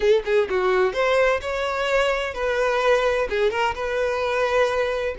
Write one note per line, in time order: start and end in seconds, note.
0.00 0.23 A4
0.25 0.48 G#4
0.49 0.93 F#4
0.93 1.40 C5
1.41 2.34 C#5
2.34 3.27 B4
3.29 3.50 G#4
3.50 3.74 A#4
3.74 5.15 B4